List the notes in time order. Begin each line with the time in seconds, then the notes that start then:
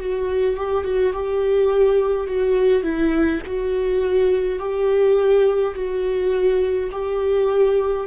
0.00 F#4
0.57 G4
0.85 F#4
1.14 G4
2.27 F#4
2.83 E4
3.47 F#4
4.59 G4
5.75 F#4
6.92 G4